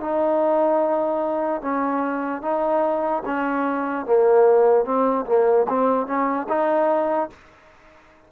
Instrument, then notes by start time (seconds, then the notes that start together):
trombone
0.00 D#4
1.61 C#4
2.42 D#4
3.25 C#4
4.05 A#3
4.85 C4
5.26 A#3
5.68 C4
6.06 C#4
6.49 D#4